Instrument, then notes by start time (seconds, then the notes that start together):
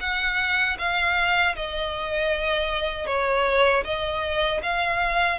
violin
0.00 F#5
0.78 F5
1.56 D#5
3.06 C#5
3.84 D#5
4.63 F5